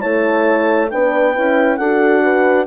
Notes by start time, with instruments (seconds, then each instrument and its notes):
0.00 bassoon A3, horn E4 C#5, clarinet A5
0.90 bassoon B3, horn D4 B4, clarinet G5
1.35 bassoon C#4, horn E4
1.76 bassoon D4, horn F#4 A4, clarinet F#5
2.22 horn B4